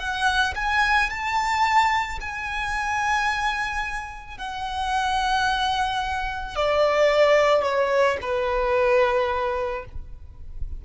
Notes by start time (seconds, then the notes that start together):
0.00 F#5
0.56 G#5
1.10 A5
2.21 G#5
4.38 F#5
6.57 D5
7.63 C#5
8.22 B4